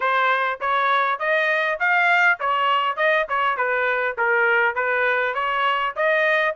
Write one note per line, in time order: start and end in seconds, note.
0.00 0.59 C5
0.60 1.19 C#5
1.19 1.78 D#5
1.79 2.39 F5
2.39 2.96 C#5
2.96 3.26 D#5
3.29 3.56 C#5
3.56 4.16 B4
4.17 4.75 A#4
4.75 5.34 B4
5.34 5.94 C#5
5.95 6.55 D#5